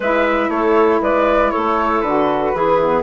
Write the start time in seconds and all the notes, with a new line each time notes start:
0.00 G#3 E4 B4 E5
0.48 A3 A4 C#5
1.01 G#3 B4 D5
1.51 A3 A4 C#5
2.00 D3 F#4 B4
2.54 E3 E4 G#4
2.81 B3